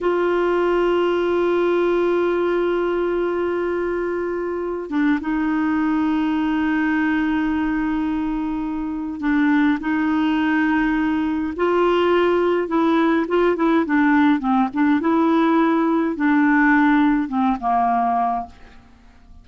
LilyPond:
\new Staff \with { instrumentName = "clarinet" } { \time 4/4 \tempo 4 = 104 f'1~ | f'1~ | f'8 d'8 dis'2.~ | dis'1 |
d'4 dis'2. | f'2 e'4 f'8 e'8 | d'4 c'8 d'8 e'2 | d'2 c'8 ais4. | }